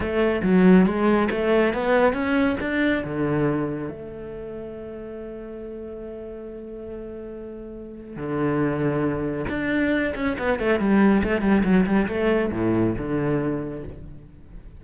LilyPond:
\new Staff \with { instrumentName = "cello" } { \time 4/4 \tempo 4 = 139 a4 fis4 gis4 a4 | b4 cis'4 d'4 d4~ | d4 a2.~ | a1~ |
a2. d4~ | d2 d'4. cis'8 | b8 a8 g4 a8 g8 fis8 g8 | a4 a,4 d2 | }